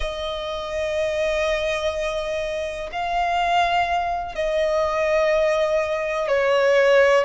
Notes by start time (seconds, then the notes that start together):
0.00 D#5
2.92 F5
4.35 D#5
6.27 C#5